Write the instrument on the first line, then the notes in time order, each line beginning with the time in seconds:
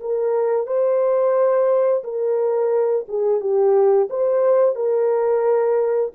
horn
0.00 A#4
0.66 C5
2.03 A#4
3.08 G#4
3.40 G4
4.09 C5
4.75 A#4